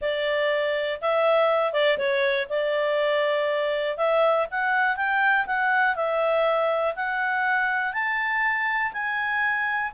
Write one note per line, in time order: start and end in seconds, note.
0.01 1.00 D5
1.01 1.72 E5
1.72 1.97 D5
1.97 2.47 C#5
2.49 3.97 D5
3.97 4.46 E5
4.50 4.96 F#5
4.96 5.46 G5
5.46 5.95 F#5
5.95 6.94 E5
6.95 7.93 F#5
7.93 8.92 A5
8.92 9.92 G#5